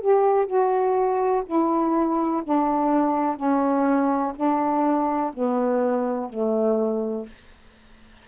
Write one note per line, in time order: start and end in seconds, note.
0.00 0.46 G4
0.46 1.43 F#4
1.45 2.42 E4
2.43 3.36 D4
3.36 4.33 C#4
4.35 5.32 D4
5.33 6.29 B3
6.29 7.26 A3